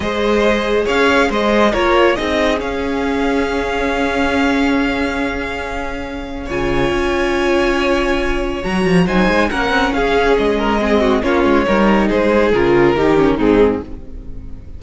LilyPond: <<
  \new Staff \with { instrumentName = "violin" } { \time 4/4 \tempo 4 = 139 dis''2 f''4 dis''4 | cis''4 dis''4 f''2~ | f''1~ | f''2. gis''4~ |
gis''1 | ais''4 gis''4 fis''4 f''4 | dis''2 cis''2 | c''4 ais'2 gis'4 | }
  \new Staff \with { instrumentName = "violin" } { \time 4/4 c''2 cis''4 c''4 | ais'4 gis'2.~ | gis'1~ | gis'2. cis''4~ |
cis''1~ | cis''4 c''4 ais'4 gis'4~ | gis'8 ais'8 gis'8 fis'8 f'4 ais'4 | gis'2 g'4 dis'4 | }
  \new Staff \with { instrumentName = "viola" } { \time 4/4 gis'1 | f'4 dis'4 cis'2~ | cis'1~ | cis'2. f'4~ |
f'1 | fis'4 dis'4 cis'2~ | cis'4 c'4 cis'4 dis'4~ | dis'4 f'4 dis'8 cis'8 c'4 | }
  \new Staff \with { instrumentName = "cello" } { \time 4/4 gis2 cis'4 gis4 | ais4 c'4 cis'2~ | cis'1~ | cis'2. cis4 |
cis'1 | fis8 f8 fis8 gis8 ais8 c'8 cis'4 | gis2 ais8 gis8 g4 | gis4 cis4 dis4 gis,4 | }
>>